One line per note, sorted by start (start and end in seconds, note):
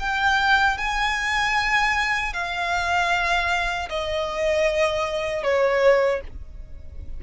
0.00 0.78 G5
0.78 2.33 G#5
2.33 3.89 F5
3.90 5.43 D#5
5.43 6.21 C#5